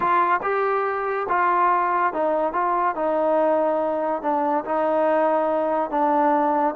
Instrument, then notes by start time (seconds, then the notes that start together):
trombone
0.00 F4
0.42 G4
1.28 F4
2.13 D#4
2.52 F4
2.95 D#4
4.22 D4
4.64 D#4
5.90 D4